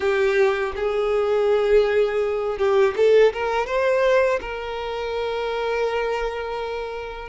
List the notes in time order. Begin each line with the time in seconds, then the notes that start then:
0.00 G4
0.75 G#4
2.57 G4
2.96 A4
3.33 A#4
3.66 C5
4.40 A#4